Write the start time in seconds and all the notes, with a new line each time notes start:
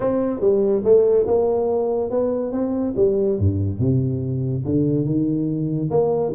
0.00 C4
0.40 G3
0.84 A3
1.26 A#3
2.10 B3
2.51 C4
2.96 G3
3.38 G2
3.79 C3
4.65 D3
5.05 D#3
5.90 A#3